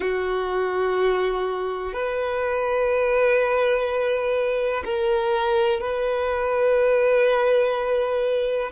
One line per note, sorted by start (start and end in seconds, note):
0.00 1.93 F#4
1.93 4.83 B4
4.84 5.80 A#4
5.80 8.71 B4